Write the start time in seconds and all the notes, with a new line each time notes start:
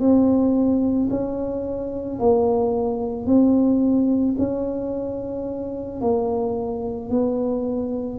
0.00 C4
1.10 C#4
2.19 A#3
3.26 C4
4.38 C#4
6.01 A#3
7.10 B3